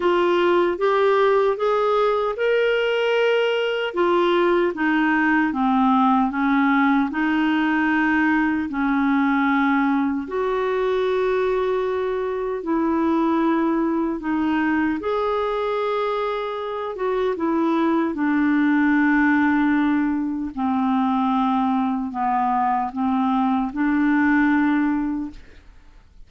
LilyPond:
\new Staff \with { instrumentName = "clarinet" } { \time 4/4 \tempo 4 = 76 f'4 g'4 gis'4 ais'4~ | ais'4 f'4 dis'4 c'4 | cis'4 dis'2 cis'4~ | cis'4 fis'2. |
e'2 dis'4 gis'4~ | gis'4. fis'8 e'4 d'4~ | d'2 c'2 | b4 c'4 d'2 | }